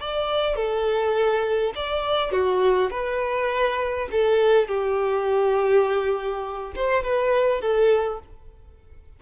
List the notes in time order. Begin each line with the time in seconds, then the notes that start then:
0.00 D5
0.55 A4
1.75 D5
2.31 F#4
2.90 B4
4.11 A4
4.67 G4
6.75 C5
7.03 B4
7.60 A4